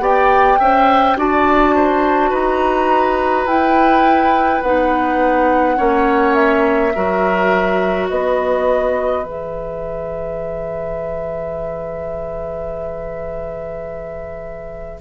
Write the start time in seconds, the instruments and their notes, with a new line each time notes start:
0.00 bassoon B3, clarinet G4, oboe D5, flute G5
0.60 bassoon C#4, clarinet C5, oboe E5
1.17 bassoon D4, clarinet F#4, oboe D5, flute A5
1.76 oboe C5
2.30 bassoon D#4, oboe B4, flute A#5
3.46 bassoon E4, clarinet E4, flute G5
4.63 bassoon B3, clarinet D#4, flute F#5
5.77 bassoon A#3, clarinet C#4, oboe C#5
6.35 flute E5
6.95 bassoon F#3, clarinet F#4, oboe A#4
8.09 bassoon B3, oboe B4, flute D#5
9.23 bassoon E3, clarinet G#4, flute E5